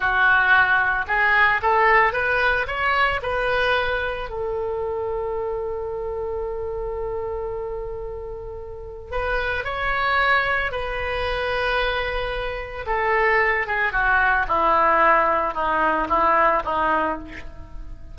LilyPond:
\new Staff \with { instrumentName = "oboe" } { \time 4/4 \tempo 4 = 112 fis'2 gis'4 a'4 | b'4 cis''4 b'2 | a'1~ | a'1~ |
a'4 b'4 cis''2 | b'1 | a'4. gis'8 fis'4 e'4~ | e'4 dis'4 e'4 dis'4 | }